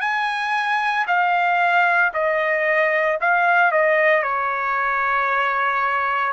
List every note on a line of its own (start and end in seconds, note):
0.00 1.05 G#5
1.07 2.12 F5
2.13 3.19 D#5
3.21 3.71 F5
3.71 4.22 D#5
4.22 6.32 C#5